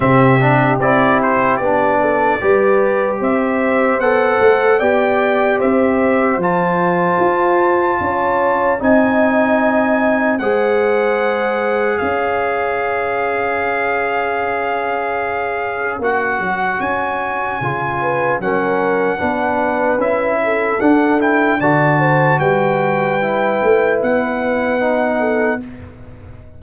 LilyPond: <<
  \new Staff \with { instrumentName = "trumpet" } { \time 4/4 \tempo 4 = 75 e''4 d''8 c''8 d''2 | e''4 fis''4 g''4 e''4 | a''2. gis''4~ | gis''4 fis''2 f''4~ |
f''1 | fis''4 gis''2 fis''4~ | fis''4 e''4 fis''8 g''8 a''4 | g''2 fis''2 | }
  \new Staff \with { instrumentName = "horn" } { \time 4/4 g'2~ g'8 a'8 b'4 | c''2 d''4 c''4~ | c''2 cis''4 dis''4~ | dis''4 c''2 cis''4~ |
cis''1~ | cis''2~ cis''8 b'8 ais'4 | b'4. a'4. d''8 c''8 | b'2.~ b'8 a'8 | }
  \new Staff \with { instrumentName = "trombone" } { \time 4/4 c'8 d'8 e'4 d'4 g'4~ | g'4 a'4 g'2 | f'2. dis'4~ | dis'4 gis'2.~ |
gis'1 | fis'2 f'4 cis'4 | d'4 e'4 d'8 e'8 fis'4~ | fis'4 e'2 dis'4 | }
  \new Staff \with { instrumentName = "tuba" } { \time 4/4 c4 c'4 b4 g4 | c'4 b8 a8 b4 c'4 | f4 f'4 cis'4 c'4~ | c'4 gis2 cis'4~ |
cis'1 | ais8 fis8 cis'4 cis4 fis4 | b4 cis'4 d'4 d4 | g4. a8 b2 | }
>>